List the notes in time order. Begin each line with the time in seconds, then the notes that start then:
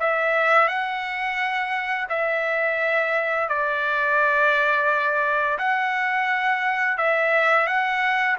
0.00 E5
0.68 F#5
2.09 E5
3.49 D5
5.59 F#5
6.98 E5
7.67 F#5